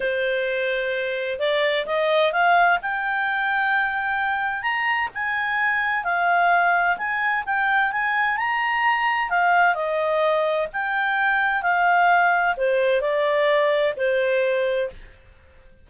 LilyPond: \new Staff \with { instrumentName = "clarinet" } { \time 4/4 \tempo 4 = 129 c''2. d''4 | dis''4 f''4 g''2~ | g''2 ais''4 gis''4~ | gis''4 f''2 gis''4 |
g''4 gis''4 ais''2 | f''4 dis''2 g''4~ | g''4 f''2 c''4 | d''2 c''2 | }